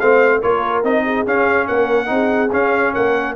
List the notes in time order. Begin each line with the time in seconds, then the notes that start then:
0.00 A3 C4 C5 F5
0.40 A#3 F4 A#4 C#5
0.84 C4 D#4 D#5
1.05 G#4
1.26 C#4 F5
1.68 A#3 A#4 F#5
2.06 C4 D#4 G#4
2.52 C#4 F5
2.94 A#3 A#4 F#5